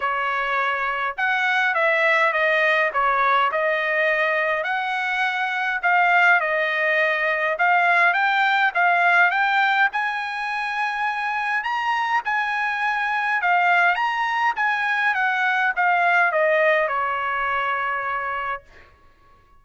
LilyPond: \new Staff \with { instrumentName = "trumpet" } { \time 4/4 \tempo 4 = 103 cis''2 fis''4 e''4 | dis''4 cis''4 dis''2 | fis''2 f''4 dis''4~ | dis''4 f''4 g''4 f''4 |
g''4 gis''2. | ais''4 gis''2 f''4 | ais''4 gis''4 fis''4 f''4 | dis''4 cis''2. | }